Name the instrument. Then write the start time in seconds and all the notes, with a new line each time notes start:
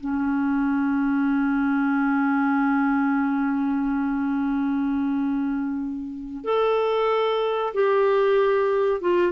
clarinet
0.00 C#4
6.44 A4
7.74 G4
9.01 F4